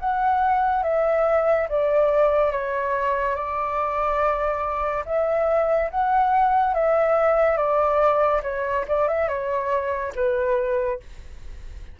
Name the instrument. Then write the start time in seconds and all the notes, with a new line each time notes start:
flute
0.00 F#5
0.83 E5
1.69 D5
2.52 C#5
3.35 D5
5.06 E5
5.91 F#5
6.75 E5
7.57 D5
8.43 C#5
8.88 D5
9.08 E5
9.28 C#5
10.16 B4